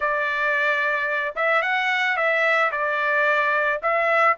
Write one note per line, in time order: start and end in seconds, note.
0.00 1.34 D5
1.35 1.62 E5
1.62 2.16 F#5
2.16 2.71 E5
2.71 3.80 D5
3.82 4.36 E5